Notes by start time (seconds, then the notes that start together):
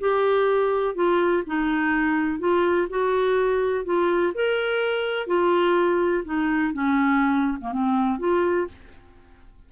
0.00 G4
0.94 F4
1.46 D#4
2.39 F4
2.89 F#4
3.84 F4
4.34 A#4
5.27 F4
6.24 D#4
6.73 C#4
7.61 A#3
7.72 C4
8.18 F4